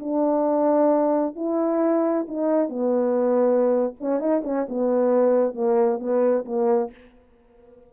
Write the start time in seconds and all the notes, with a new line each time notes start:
0.00 D4
1.36 E4
2.28 D#4
2.69 B3
4.01 C#4
4.20 D#4
4.44 C#4
4.69 B3
5.55 A#3
5.99 B3
6.45 A#3